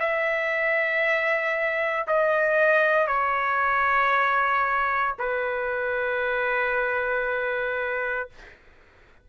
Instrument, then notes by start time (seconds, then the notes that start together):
trumpet
0.00 E5
2.07 D#5
3.08 C#5
5.19 B4